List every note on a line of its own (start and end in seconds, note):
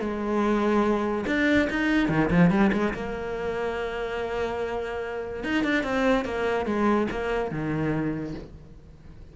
0.00 1.25 G#3
1.26 1.68 D4
1.70 2.09 D#4
2.09 2.30 D#3
2.31 2.50 F3
2.50 2.71 G3
2.73 2.93 G#3
2.94 5.44 A#3
5.44 5.64 D#4
5.64 5.83 D4
5.83 6.25 C4
6.25 6.66 A#3
6.66 7.07 G#3
7.11 7.51 A#3
7.51 8.34 D#3